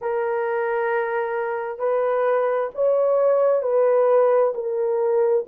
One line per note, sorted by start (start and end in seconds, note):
0.01 1.78 A#4
1.78 2.69 B4
2.74 3.62 C#5
3.62 4.53 B4
4.54 5.45 A#4